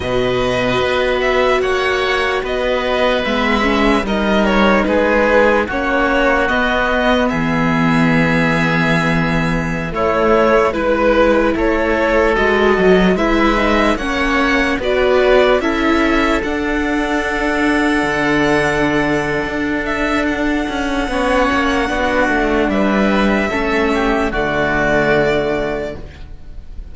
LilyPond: <<
  \new Staff \with { instrumentName = "violin" } { \time 4/4 \tempo 4 = 74 dis''4. e''8 fis''4 dis''4 | e''4 dis''8 cis''8 b'4 cis''4 | dis''4 e''2.~ | e''16 cis''4 b'4 cis''4 dis''8.~ |
dis''16 e''4 fis''4 d''4 e''8.~ | e''16 fis''2.~ fis''8.~ | fis''8 e''8 fis''2. | e''2 d''2 | }
  \new Staff \with { instrumentName = "oboe" } { \time 4/4 b'2 cis''4 b'4~ | b'4 ais'4 gis'4 fis'4~ | fis'4 gis'2.~ | gis'16 e'4 b'4 a'4.~ a'16~ |
a'16 b'4 cis''4 b'4 a'8.~ | a'1~ | a'2 cis''4 fis'4 | b'4 a'8 g'8 fis'2 | }
  \new Staff \with { instrumentName = "viola" } { \time 4/4 fis'1 | b8 cis'8 dis'2 cis'4 | b1~ | b16 a4 e'2 fis'8.~ |
fis'16 e'8 dis'8 cis'4 fis'4 e'8.~ | e'16 d'2.~ d'8.~ | d'2 cis'4 d'4~ | d'4 cis'4 a2 | }
  \new Staff \with { instrumentName = "cello" } { \time 4/4 b,4 b4 ais4 b4 | gis4 g4 gis4 ais4 | b4 e2.~ | e16 a4 gis4 a4 gis8 fis16~ |
fis16 gis4 ais4 b4 cis'8.~ | cis'16 d'2 d4.~ d16 | d'4. cis'8 b8 ais8 b8 a8 | g4 a4 d2 | }
>>